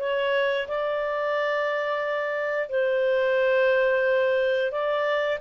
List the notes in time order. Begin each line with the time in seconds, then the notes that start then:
0.00 C#5
0.68 D5
2.69 C5
4.71 D5